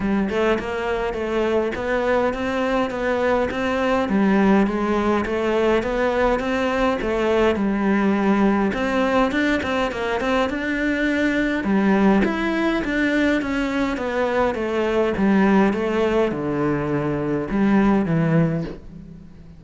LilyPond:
\new Staff \with { instrumentName = "cello" } { \time 4/4 \tempo 4 = 103 g8 a8 ais4 a4 b4 | c'4 b4 c'4 g4 | gis4 a4 b4 c'4 | a4 g2 c'4 |
d'8 c'8 ais8 c'8 d'2 | g4 e'4 d'4 cis'4 | b4 a4 g4 a4 | d2 g4 e4 | }